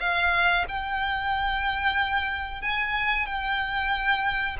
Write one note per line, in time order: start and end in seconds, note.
0.00 0.65 F5
0.68 2.62 G5
2.62 3.26 G#5
3.26 4.57 G5